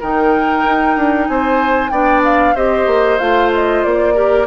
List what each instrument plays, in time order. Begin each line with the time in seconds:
0.00 bassoon D#3, clarinet D#4, oboe A#4, flute G5
0.64 bassoon D#4
0.96 bassoon D4
1.27 bassoon C4, oboe C5, flute G#5
1.89 bassoon B3, clarinet D4, oboe D5, flute G5
2.24 flute F5
2.55 bassoon C4, clarinet G4, oboe C5, flute D#5
2.86 bassoon A#3
3.18 bassoon A3, clarinet F4, flute F5
3.53 flute D#5
3.83 bassoon A#3, flute D5
4.14 clarinet G4, oboe A#4